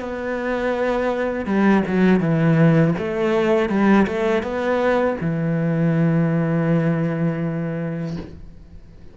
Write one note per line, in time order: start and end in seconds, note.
0.00 1.46 B3
1.46 1.83 G3
1.87 2.20 F#3
2.20 2.94 E3
2.98 3.69 A3
3.69 4.06 G3
4.07 4.43 A3
4.43 5.17 B3
5.21 8.17 E3